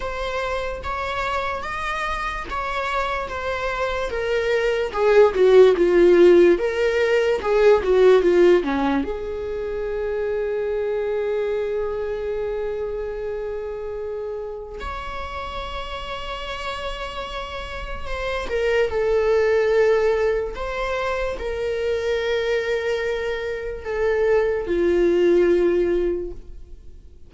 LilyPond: \new Staff \with { instrumentName = "viola" } { \time 4/4 \tempo 4 = 73 c''4 cis''4 dis''4 cis''4 | c''4 ais'4 gis'8 fis'8 f'4 | ais'4 gis'8 fis'8 f'8 cis'8 gis'4~ | gis'1~ |
gis'2 cis''2~ | cis''2 c''8 ais'8 a'4~ | a'4 c''4 ais'2~ | ais'4 a'4 f'2 | }